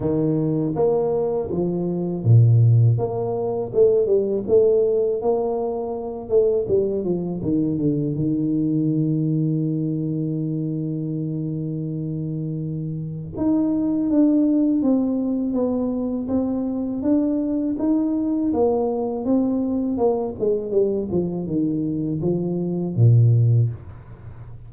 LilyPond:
\new Staff \with { instrumentName = "tuba" } { \time 4/4 \tempo 4 = 81 dis4 ais4 f4 ais,4 | ais4 a8 g8 a4 ais4~ | ais8 a8 g8 f8 dis8 d8 dis4~ | dis1~ |
dis2 dis'4 d'4 | c'4 b4 c'4 d'4 | dis'4 ais4 c'4 ais8 gis8 | g8 f8 dis4 f4 ais,4 | }